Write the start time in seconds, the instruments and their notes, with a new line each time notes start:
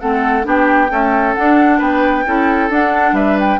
0.00 bassoon A3, clarinet C4, oboe A4, flute F#5
0.44 bassoon B3, clarinet D4, oboe G4, flute G5
0.90 clarinet A3, bassoon C#4, oboe A4
1.34 clarinet D4, bassoon D4, flute F#5
1.79 bassoon B3, oboe B4, flute G5
2.26 bassoon C#4, clarinet E4, oboe A4
2.70 bassoon D4, clarinet D4, flute F#5
3.12 bassoon G3, oboe B4, flute E5
3.39 flute G5